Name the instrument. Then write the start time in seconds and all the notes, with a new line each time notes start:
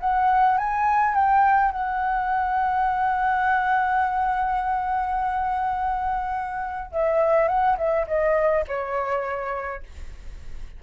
flute
0.00 F#5
0.57 G#5
1.14 G5
1.72 F#5
6.92 E5
7.48 F#5
7.78 E5
8.07 D#5
8.67 C#5